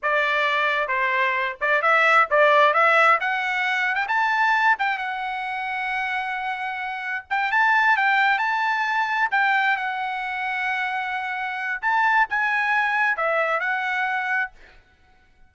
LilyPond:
\new Staff \with { instrumentName = "trumpet" } { \time 4/4 \tempo 4 = 132 d''2 c''4. d''8 | e''4 d''4 e''4 fis''4~ | fis''8. g''16 a''4. g''8 fis''4~ | fis''1 |
g''8 a''4 g''4 a''4.~ | a''8 g''4 fis''2~ fis''8~ | fis''2 a''4 gis''4~ | gis''4 e''4 fis''2 | }